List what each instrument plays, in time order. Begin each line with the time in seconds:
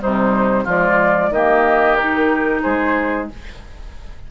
0.00 bassoon C3, clarinet G3, oboe D#4, flute C5
0.64 bassoon F3, clarinet G#3, oboe F4, flute D5
1.30 bassoon D#3, clarinet A#3, oboe G4, flute D#5
1.96 clarinet D#4, flute A#4
2.62 bassoon G#3, oboe G#4, flute C5